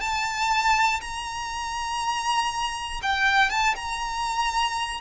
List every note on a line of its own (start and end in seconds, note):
0.00 1.00 A5
1.00 3.00 A#5
3.02 3.50 G5
3.50 3.75 A5
3.75 5.00 A#5